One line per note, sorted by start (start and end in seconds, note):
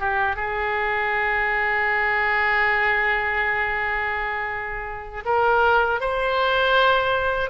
0.00 0.36 G4
0.36 5.24 G#4
5.25 6.00 A#4
6.01 7.50 C5